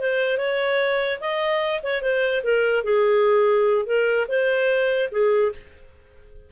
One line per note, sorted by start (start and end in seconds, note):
0.00 0.38 C5
0.38 1.20 C#5
1.21 1.82 D#5
1.83 2.02 C#5
2.02 2.43 C5
2.44 2.84 A#4
2.84 3.86 G#4
3.86 4.27 A#4
4.28 5.10 C5
5.12 5.53 G#4